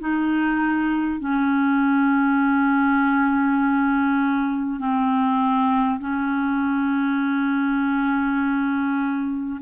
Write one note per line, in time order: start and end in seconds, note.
0.00 1.19 D#4
1.19 4.79 C#4
4.79 5.99 C4
5.99 9.59 C#4